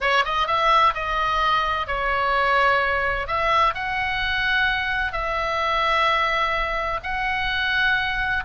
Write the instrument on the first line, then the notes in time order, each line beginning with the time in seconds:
oboe
0.01 C#5
0.24 D#5
0.47 E5
0.94 D#5
1.87 C#5
3.27 E5
3.74 F#5
5.12 E5
7.03 F#5